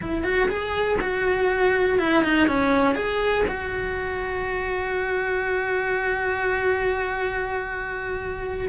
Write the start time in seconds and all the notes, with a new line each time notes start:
0.01 E4
0.23 F#4
0.48 G#4
1.01 F#4
1.98 E4
2.23 D#4
2.47 C#4
2.95 G#4
3.48 F#4